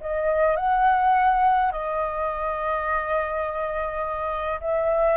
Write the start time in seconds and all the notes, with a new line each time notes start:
0.00 D#5
0.56 F#5
1.72 D#5
4.60 E5